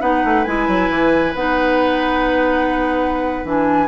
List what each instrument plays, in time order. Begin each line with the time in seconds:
0.00 bassoon B3, clarinet D#4, oboe B4, flute F#5
0.24 bassoon A3
0.44 bassoon G#3, clarinet E4, flute G#5
0.67 bassoon F#3
0.89 bassoon E3
1.34 bassoon B3, clarinet D#4, flute F#5
3.44 bassoon E3, clarinet D4, flute G#5